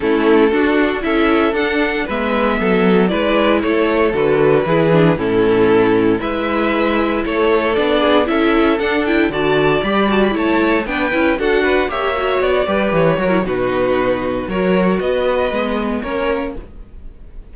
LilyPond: <<
  \new Staff \with { instrumentName = "violin" } { \time 4/4 \tempo 4 = 116 a'2 e''4 fis''4 | e''2 d''4 cis''4 | b'2 a'2 | e''2 cis''4 d''4 |
e''4 fis''8 g''8 a''4 b''8 a''16 b''16 | a''4 g''4 fis''4 e''4 | d''4 cis''4 b'2 | cis''4 dis''2 cis''4 | }
  \new Staff \with { instrumentName = "violin" } { \time 4/4 e'4 fis'4 a'2 | b'4 a'4 b'4 a'4~ | a'4 gis'4 e'2 | b'2 a'4. gis'8 |
a'2 d''2 | cis''4 b'4 a'8 b'8 cis''4~ | cis''8 b'4 ais'8 fis'2 | ais'4 b'2 ais'4 | }
  \new Staff \with { instrumentName = "viola" } { \time 4/4 cis'4 d'4 e'4 d'4 | b2 e'2 | fis'4 e'8 d'8 cis'2 | e'2. d'4 |
e'4 d'8 e'8 fis'4 g'8 fis'8 | e'4 d'8 e'8 fis'4 g'8 fis'8~ | fis'8 g'4 fis'16 e'16 dis'2 | fis'2 b4 cis'4 | }
  \new Staff \with { instrumentName = "cello" } { \time 4/4 a4 d'4 cis'4 d'4 | gis4 fis4 gis4 a4 | d4 e4 a,2 | gis2 a4 b4 |
cis'4 d'4 d4 g4 | a4 b8 cis'8 d'4 ais4 | b8 g8 e8 fis8 b,2 | fis4 b4 gis4 ais4 | }
>>